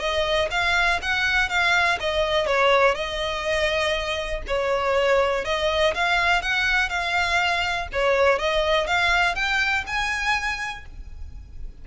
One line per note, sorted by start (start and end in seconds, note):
0.00 0.49 D#5
0.51 1.00 F5
1.02 1.49 F#5
1.49 1.99 F5
2.00 2.47 D#5
2.47 2.95 C#5
2.95 4.42 D#5
4.48 5.45 C#5
5.45 5.94 D#5
5.94 6.42 F5
6.42 6.90 F#5
6.90 7.88 F5
7.93 8.39 C#5
8.39 8.87 D#5
8.87 9.36 F5
9.36 9.85 G5
9.87 10.85 G#5